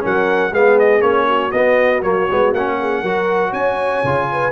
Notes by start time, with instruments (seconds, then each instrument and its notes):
0.00 tuba F#3, trombone C#4, horn A#4, trumpet F#5
0.50 tuba G#3, trombone B3, horn G#4, trumpet F5
0.78 trumpet D#5
1.00 tuba A#3, trombone C#4, trumpet C#5
1.27 horn F#4
1.51 tuba B3, trombone B3, trumpet D#5
2.02 tuba F#3, trombone A#3, trumpet C#5
2.30 tuba G#3, trombone B3
2.53 tuba A#3, trombone C#4, trumpet F#5
2.79 horn G#4
3.00 tuba F#3, trombone F#4, horn A#4
3.50 tuba C#4, horn C#5, trumpet G#5
4.03 tuba C#3, trombone F4
4.31 horn B4